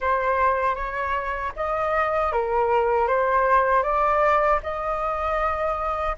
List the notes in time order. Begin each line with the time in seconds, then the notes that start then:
0.00 C5
0.75 C#5
1.56 D#5
2.32 A#4
3.07 C5
3.83 D5
4.62 D#5